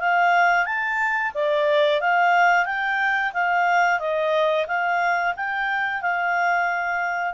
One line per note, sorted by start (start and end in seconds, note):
0.00 0.66 F5
0.66 1.32 A5
1.35 2.01 D5
2.01 2.66 F5
2.66 3.32 G5
3.33 3.99 F5
3.99 4.66 D#5
4.67 5.34 F5
5.36 6.02 G5
6.02 7.34 F5